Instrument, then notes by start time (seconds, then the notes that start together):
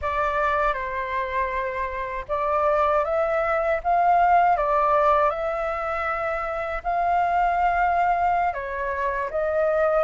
flute
0.01 D5
0.73 C5
2.28 D5
3.04 E5
3.83 F5
4.56 D5
5.30 E5
6.83 F5
8.53 C#5
9.30 D#5